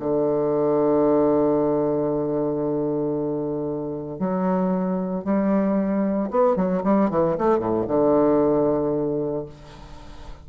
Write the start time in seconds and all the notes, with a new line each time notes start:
0.00 D3
4.20 F#3
5.25 G3
6.31 B3
6.56 F#3
6.84 G3
7.11 E3
7.39 A3
7.60 A2
7.88 D3